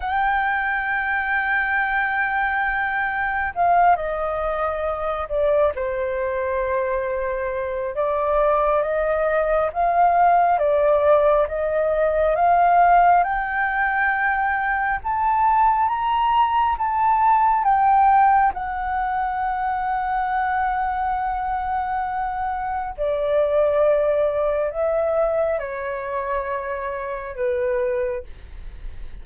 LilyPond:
\new Staff \with { instrumentName = "flute" } { \time 4/4 \tempo 4 = 68 g''1 | f''8 dis''4. d''8 c''4.~ | c''4 d''4 dis''4 f''4 | d''4 dis''4 f''4 g''4~ |
g''4 a''4 ais''4 a''4 | g''4 fis''2.~ | fis''2 d''2 | e''4 cis''2 b'4 | }